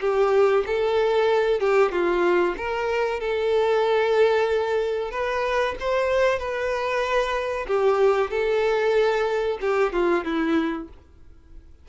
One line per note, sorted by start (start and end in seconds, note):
0.00 0.64 G4
0.66 1.60 A4
1.60 1.91 G4
1.91 2.55 F4
2.57 3.19 A#4
3.19 5.11 A4
5.11 5.75 B4
5.80 6.38 C5
6.38 7.66 B4
7.67 8.30 G4
8.30 9.58 A4
9.61 9.93 G4
9.93 10.24 F4
10.24 10.88 E4